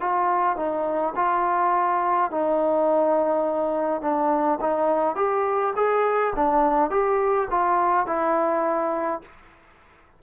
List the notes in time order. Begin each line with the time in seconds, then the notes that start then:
0.00 F4
0.56 D#4
1.15 F4
2.30 D#4
4.01 D4
4.60 D#4
5.16 G4
5.76 G#4
6.35 D4
6.90 G4
7.50 F4
8.06 E4